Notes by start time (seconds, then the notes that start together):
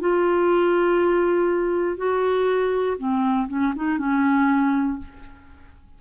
0.00 F4
1.97 F#4
2.98 C4
3.49 C#4
3.76 D#4
3.98 C#4